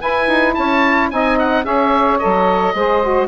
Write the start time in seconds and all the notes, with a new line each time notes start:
0.00 E4 B4 G#5
0.27 D#4
0.54 C#4 C#5 A5
1.11 C4 D#4 D#5 G#5
1.38 F#5
1.64 C#4 G#4 C#5 E5
2.18 A4 D#5
2.24 F#3
2.74 G#3 G#4 C5
3.02 F#4